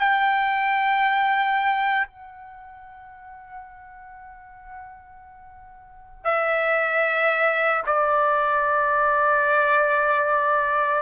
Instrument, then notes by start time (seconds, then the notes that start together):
trumpet
0.00 G5
2.08 F#5
6.25 E5
7.87 D5